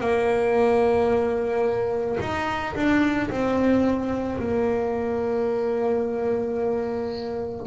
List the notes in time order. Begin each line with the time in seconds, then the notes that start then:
0.00 A#3
2.20 D#4
2.75 D4
3.30 C4
4.39 A#3